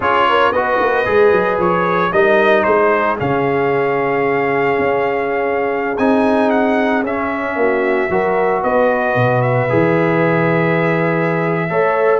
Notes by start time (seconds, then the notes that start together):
0.00 C#4 F4 G#4 C#5
0.29 A#4
0.51 B3 F#4 B4 D#5
0.79 A#3
1.05 G#3 G#4
1.32 F#3
1.58 F3 C#5
2.12 G3 D#4 A#4 D#5
2.63 G#3 G#4 C5
3.18 C#3 C#4 F5
4.78 C#4
5.97 C4 D#4 G#5
6.50 F#5
7.03 C#4 E5
7.55 A#3 F#4
8.09 F#3 F#4 A#4
8.62 B3 B4 D#5
9.15 B2
9.41 E5
9.69 E3 G#4
11.69 A3 A4 C#5